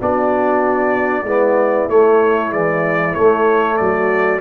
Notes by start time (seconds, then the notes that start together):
0.00 B3 D4 F#4 D5
1.24 G#3 B3 E4
1.89 A3 C#5
2.50 E3 G#3 D5
3.15 A3 C#5
3.77 F#3 F#4 D5